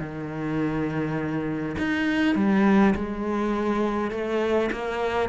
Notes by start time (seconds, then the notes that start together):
0.00 D#3
1.79 D#4
2.36 G3
2.95 G#3
4.11 A3
4.72 A#3